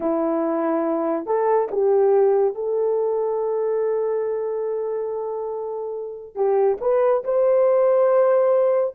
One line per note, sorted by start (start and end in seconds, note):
0.00 1.26 E4
1.26 1.68 A4
1.71 2.54 G4
2.54 6.35 A4
6.35 6.77 G4
6.81 7.23 B4
7.24 8.94 C5